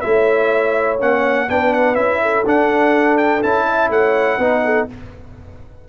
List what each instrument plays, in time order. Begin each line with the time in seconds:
0.00 tuba A3, trombone E4, horn C#5, trumpet E5
0.99 tuba A#3, trombone C#4, trumpet F#5
1.48 tuba B3, trombone D4, horn B4, trumpet G5
1.73 trumpet F#5
1.95 tuba C#4, trombone E4, trumpet E5
2.22 horn A4
2.46 tuba D4, trombone D4, trumpet F#5
3.17 trumpet G5
3.43 tuba C#4, trombone E4, trumpet A5
3.66 horn E5
3.89 tuba A3, horn C#5, trumpet F#5
4.38 tuba B3, trombone D#4, horn B4
4.65 horn A4